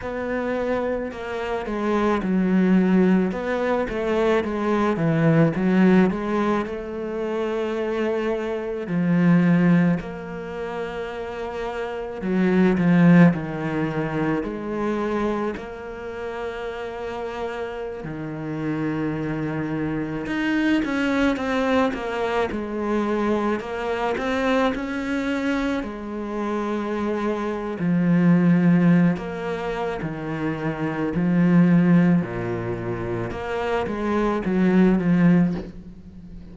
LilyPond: \new Staff \with { instrumentName = "cello" } { \time 4/4 \tempo 4 = 54 b4 ais8 gis8 fis4 b8 a8 | gis8 e8 fis8 gis8 a2 | f4 ais2 fis8 f8 | dis4 gis4 ais2~ |
ais16 dis2 dis'8 cis'8 c'8 ais16~ | ais16 gis4 ais8 c'8 cis'4 gis8.~ | gis4 f4~ f16 ais8. dis4 | f4 ais,4 ais8 gis8 fis8 f8 | }